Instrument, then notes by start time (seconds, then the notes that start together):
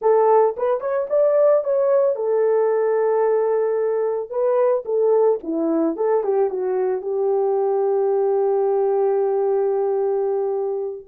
horn
0.01 A4
0.57 B4
0.80 C#5
1.09 D5
1.64 C#5
2.15 A4
4.30 B4
4.85 A4
5.43 E4
5.96 A4
6.23 G4
6.50 F#4
7.01 G4